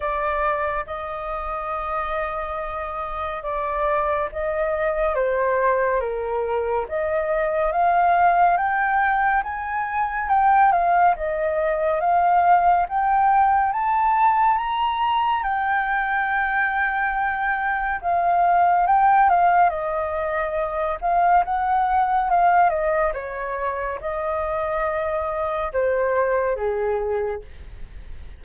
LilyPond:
\new Staff \with { instrumentName = "flute" } { \time 4/4 \tempo 4 = 70 d''4 dis''2. | d''4 dis''4 c''4 ais'4 | dis''4 f''4 g''4 gis''4 | g''8 f''8 dis''4 f''4 g''4 |
a''4 ais''4 g''2~ | g''4 f''4 g''8 f''8 dis''4~ | dis''8 f''8 fis''4 f''8 dis''8 cis''4 | dis''2 c''4 gis'4 | }